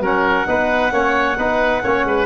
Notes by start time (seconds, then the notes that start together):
0.00 F#3 C#4 A#4 F#5
0.47 B3 D#4 B4
0.92 A#3 C#4 C#5
1.38 B3 D#4 B4
1.83 A#3 C#4 C#5
2.05 G#3 B4